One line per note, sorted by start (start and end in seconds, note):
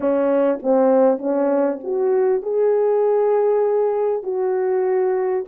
0.00 0.59 C#4
0.62 1.18 C4
1.18 1.79 C#4
1.83 2.42 F#4
2.42 4.23 G#4
4.23 5.44 F#4